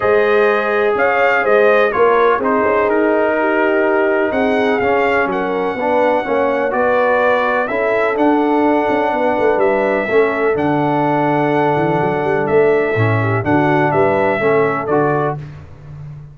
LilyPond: <<
  \new Staff \with { instrumentName = "trumpet" } { \time 4/4 \tempo 4 = 125 dis''2 f''4 dis''4 | cis''4 c''4 ais'2~ | ais'4 fis''4 f''4 fis''4~ | fis''2 d''2 |
e''4 fis''2. | e''2 fis''2~ | fis''2 e''2 | fis''4 e''2 d''4 | }
  \new Staff \with { instrumentName = "horn" } { \time 4/4 c''2 cis''4 c''4 | ais'4 gis'2 g'4~ | g'4 gis'2 ais'4 | b'4 cis''4 b'2 |
a'2. b'4~ | b'4 a'2.~ | a'2.~ a'8 g'8 | fis'4 b'4 a'2 | }
  \new Staff \with { instrumentName = "trombone" } { \time 4/4 gis'1 | f'4 dis'2.~ | dis'2 cis'2 | d'4 cis'4 fis'2 |
e'4 d'2.~ | d'4 cis'4 d'2~ | d'2. cis'4 | d'2 cis'4 fis'4 | }
  \new Staff \with { instrumentName = "tuba" } { \time 4/4 gis2 cis'4 gis4 | ais4 c'8 cis'8 dis'2~ | dis'4 c'4 cis'4 fis4 | b4 ais4 b2 |
cis'4 d'4. cis'8 b8 a8 | g4 a4 d2~ | d8 e8 fis8 g8 a4 a,4 | d4 g4 a4 d4 | }
>>